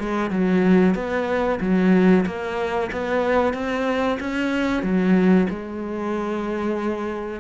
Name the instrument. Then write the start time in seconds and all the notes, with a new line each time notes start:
cello
0.00 G#3
0.31 F#3
0.95 B3
1.61 F#3
2.26 A#3
2.92 B3
3.54 C4
4.20 C#4
4.83 F#3
5.50 G#3